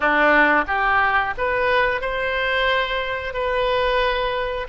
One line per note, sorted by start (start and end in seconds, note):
0.00 0.65 D4
0.67 1.34 G4
1.37 2.01 B4
2.01 3.33 C5
3.33 4.67 B4